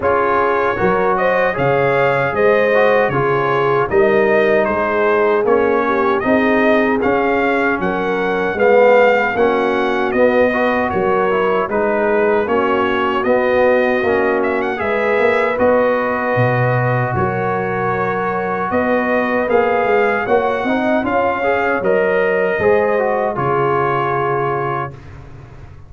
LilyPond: <<
  \new Staff \with { instrumentName = "trumpet" } { \time 4/4 \tempo 4 = 77 cis''4. dis''8 f''4 dis''4 | cis''4 dis''4 c''4 cis''4 | dis''4 f''4 fis''4 f''4 | fis''4 dis''4 cis''4 b'4 |
cis''4 dis''4. e''16 fis''16 e''4 | dis''2 cis''2 | dis''4 f''4 fis''4 f''4 | dis''2 cis''2 | }
  \new Staff \with { instrumentName = "horn" } { \time 4/4 gis'4 ais'8 c''8 cis''4 c''4 | gis'4 ais'4 gis'4. g'8 | gis'2 ais'4 b'4 | fis'4. b'8 ais'4 gis'4 |
fis'2. b'4~ | b'2 ais'2 | b'2 cis''8 dis''8 cis''4~ | cis''4 c''4 gis'2 | }
  \new Staff \with { instrumentName = "trombone" } { \time 4/4 f'4 fis'4 gis'4. fis'8 | f'4 dis'2 cis'4 | dis'4 cis'2 b4 | cis'4 b8 fis'4 e'8 dis'4 |
cis'4 b4 cis'4 gis'4 | fis'1~ | fis'4 gis'4 fis'8 dis'8 f'8 gis'8 | ais'4 gis'8 fis'8 f'2 | }
  \new Staff \with { instrumentName = "tuba" } { \time 4/4 cis'4 fis4 cis4 gis4 | cis4 g4 gis4 ais4 | c'4 cis'4 fis4 gis4 | ais4 b4 fis4 gis4 |
ais4 b4 ais4 gis8 ais8 | b4 b,4 fis2 | b4 ais8 gis8 ais8 c'8 cis'4 | fis4 gis4 cis2 | }
>>